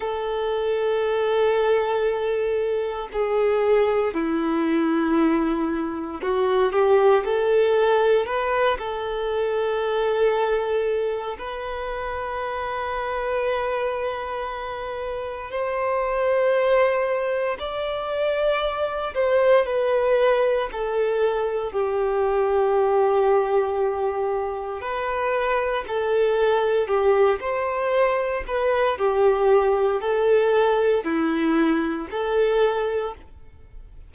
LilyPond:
\new Staff \with { instrumentName = "violin" } { \time 4/4 \tempo 4 = 58 a'2. gis'4 | e'2 fis'8 g'8 a'4 | b'8 a'2~ a'8 b'4~ | b'2. c''4~ |
c''4 d''4. c''8 b'4 | a'4 g'2. | b'4 a'4 g'8 c''4 b'8 | g'4 a'4 e'4 a'4 | }